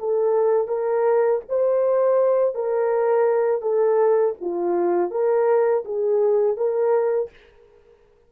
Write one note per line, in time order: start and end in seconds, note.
0.00 0.68 A4
0.68 1.41 A#4
1.49 2.55 C5
2.55 3.62 A#4
3.62 4.35 A4
4.41 5.12 F4
5.12 5.85 A#4
5.85 6.58 G#4
6.58 7.31 A#4